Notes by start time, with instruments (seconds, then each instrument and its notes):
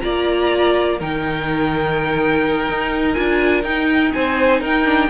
0.00 cello A#3, viola F4, violin D5 A#5
0.98 cello D#3, viola D#4, violin A#4 G5
2.69 cello D#4
3.13 cello D4, viola F4, violin G#5
3.63 cello D#4, viola D#4, violin G5
4.13 cello C4, violin C5 G#5
4.60 cello D#4, violin A#4 G5
4.85 viola D4